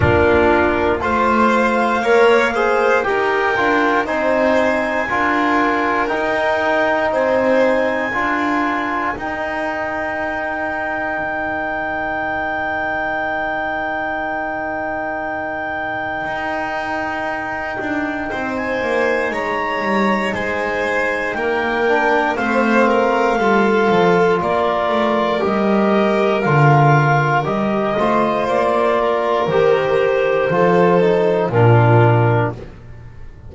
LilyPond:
<<
  \new Staff \with { instrumentName = "clarinet" } { \time 4/4 \tempo 4 = 59 ais'4 f''2 g''4 | gis''2 g''4 gis''4~ | gis''4 g''2.~ | g''1~ |
g''2~ g''16 gis''8. ais''4 | gis''4 g''4 f''2 | d''4 dis''4 f''4 dis''4 | d''4 c''2 ais'4 | }
  \new Staff \with { instrumentName = "violin" } { \time 4/4 f'4 c''4 cis''8 c''8 ais'4 | c''4 ais'2 c''4 | ais'1~ | ais'1~ |
ais'2 c''4 cis''4 | c''4 ais'4 c''8 ais'8 a'4 | ais'2.~ ais'8 c''8~ | c''8 ais'4. a'4 f'4 | }
  \new Staff \with { instrumentName = "trombone" } { \time 4/4 d'4 f'4 ais'8 gis'8 g'8 f'8 | dis'4 f'4 dis'2 | f'4 dis'2.~ | dis'1~ |
dis'1~ | dis'4. d'8 c'4 f'4~ | f'4 g'4 f'4 g'8 f'8~ | f'4 g'4 f'8 dis'8 d'4 | }
  \new Staff \with { instrumentName = "double bass" } { \time 4/4 ais4 a4 ais4 dis'8 d'8 | c'4 d'4 dis'4 c'4 | d'4 dis'2 dis4~ | dis1 |
dis'4. d'8 c'8 ais8 gis8 g8 | gis4 ais4 a4 g8 f8 | ais8 a8 g4 d4 g8 a8 | ais4 dis4 f4 ais,4 | }
>>